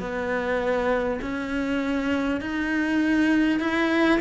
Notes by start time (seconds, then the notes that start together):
0.00 B3
1.22 C#4
2.41 D#4
3.60 E4